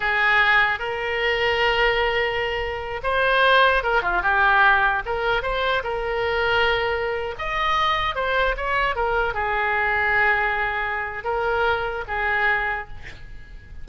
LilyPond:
\new Staff \with { instrumentName = "oboe" } { \time 4/4 \tempo 4 = 149 gis'2 ais'2~ | ais'2.~ ais'8 c''8~ | c''4. ais'8 f'8 g'4.~ | g'8 ais'4 c''4 ais'4.~ |
ais'2~ ais'16 dis''4.~ dis''16~ | dis''16 c''4 cis''4 ais'4 gis'8.~ | gis'1 | ais'2 gis'2 | }